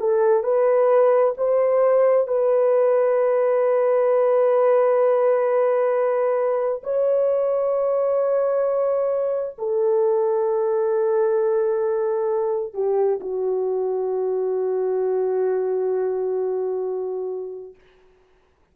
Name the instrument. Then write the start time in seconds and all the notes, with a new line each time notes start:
horn
0.00 A4
0.44 B4
1.38 C5
2.28 B4
6.84 C#5
9.59 A4
12.74 G4
13.20 F#4